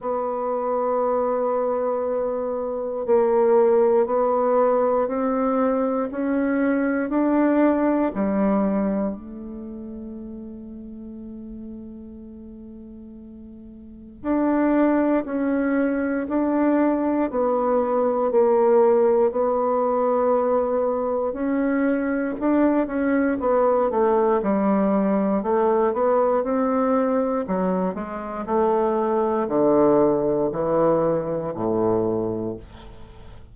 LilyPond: \new Staff \with { instrumentName = "bassoon" } { \time 4/4 \tempo 4 = 59 b2. ais4 | b4 c'4 cis'4 d'4 | g4 a2.~ | a2 d'4 cis'4 |
d'4 b4 ais4 b4~ | b4 cis'4 d'8 cis'8 b8 a8 | g4 a8 b8 c'4 fis8 gis8 | a4 d4 e4 a,4 | }